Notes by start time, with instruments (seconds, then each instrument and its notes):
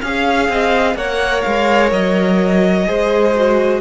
0.00 cello C#4, viola G#4, violin F5
0.48 cello C4, violin D#5
0.95 cello A#3, viola A#4, violin C#5 F#5
1.42 cello G#3, violin F5
1.91 cello F#3, violin D#5
2.86 cello G#3, viola G#4, violin C5
3.36 viola F#4